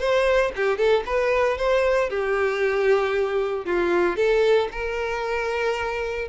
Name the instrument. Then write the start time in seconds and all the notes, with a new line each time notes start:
violin
0.00 C5
0.56 G4
0.78 A4
1.06 B4
1.58 C5
2.10 G4
3.66 F4
4.17 A4
4.72 A#4